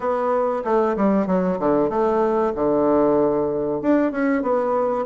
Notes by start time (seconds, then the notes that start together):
0.00 B3
0.64 A3
0.96 G3
1.26 F#3
1.59 D3
1.89 A3
2.55 D3
3.81 D4
4.11 C#4
4.42 B3